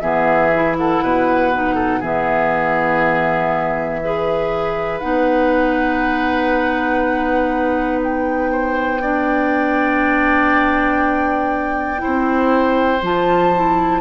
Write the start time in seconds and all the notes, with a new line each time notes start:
0.00 E3 B3 G#4 E5
0.54 E4
0.77 A4 F#5
1.02 B2 B4
1.52 D#4
1.74 A4
1.99 E3 B3 G#4 E5
4.03 G#4 B4
4.99 B3 D#4 F#5
8.03 G5
8.51 C5
9.00 D4 D5
11.97 E4 C5
12.05 C4
13.02 F3 F4 A5
13.55 E4